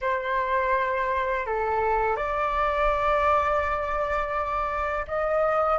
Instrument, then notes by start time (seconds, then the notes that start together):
flute
0.01 C5
1.46 A4
2.16 D5
5.07 D#5